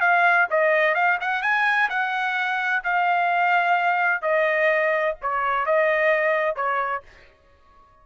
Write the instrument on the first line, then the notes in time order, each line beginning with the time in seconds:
trumpet
0.00 F5
0.50 D#5
0.95 F5
1.21 F#5
1.42 G#5
1.89 F#5
2.84 F5
4.22 D#5
5.22 C#5
5.66 D#5
6.56 C#5